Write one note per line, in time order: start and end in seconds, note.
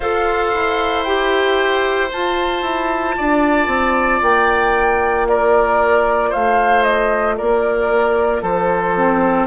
0.00 0.51 F4
0.00 1.06 A4
0.00 3.15 C5
0.00 1.03 F5
0.54 2.12 E4
1.03 2.08 G4
1.03 2.09 G5
2.08 8.93 F4
2.08 2.62 F4
2.08 4.22 A5
2.62 3.14 E4
3.17 3.67 D4
3.17 5.27 D5
3.67 4.19 C4
4.22 6.32 A#3
4.22 5.27 G5
5.27 6.29 A#4
5.27 6.32 D5
6.29 7.39 A3
6.29 7.34 C5
6.29 6.83 F5
6.83 7.35 D#5
7.37 8.41 A#3
7.37 8.41 A#4
7.37 8.42 D5
8.41 9.47 F3
8.41 9.47 A4
8.41 9.47 C5
8.96 9.47 C4